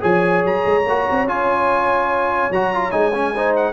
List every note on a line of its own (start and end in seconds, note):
0.00 0.44 F3
0.00 0.83 G#4
0.00 3.32 C#5
0.00 0.44 G#5
0.44 0.65 F#3
0.44 1.28 A#5
0.65 0.86 G#3
0.86 1.07 A#3
0.86 1.27 F#4
1.10 1.24 C4
1.24 2.48 C#4
1.24 2.51 F4
1.24 2.52 G#5
2.51 2.92 F#3
2.51 2.74 F#4
2.51 2.91 A#5
2.74 2.91 F4
2.91 3.73 G#3
2.91 3.12 D#4
2.91 3.53 G#5
3.14 3.35 C#4
3.33 3.73 D#4
3.33 3.73 C5
3.56 3.73 F#5